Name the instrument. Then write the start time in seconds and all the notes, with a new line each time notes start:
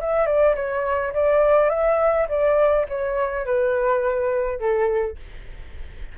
flute
0.00 E5
0.26 D5
0.56 C#5
1.14 D5
1.70 E5
2.29 D5
2.89 C#5
3.46 B4
4.60 A4